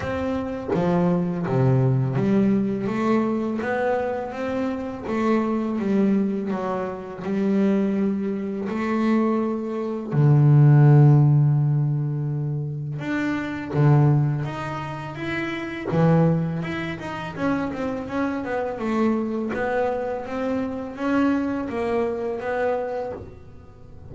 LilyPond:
\new Staff \with { instrumentName = "double bass" } { \time 4/4 \tempo 4 = 83 c'4 f4 c4 g4 | a4 b4 c'4 a4 | g4 fis4 g2 | a2 d2~ |
d2 d'4 d4 | dis'4 e'4 e4 e'8 dis'8 | cis'8 c'8 cis'8 b8 a4 b4 | c'4 cis'4 ais4 b4 | }